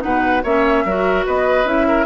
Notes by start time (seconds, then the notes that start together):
0.00 B2 D#4 B4 F#5
0.43 A#3 C#4 C#5 E5
0.85 F#3 F#4 A#4
1.26 B3 B4 D#5
1.64 C#4 E4 E5
1.87 A#4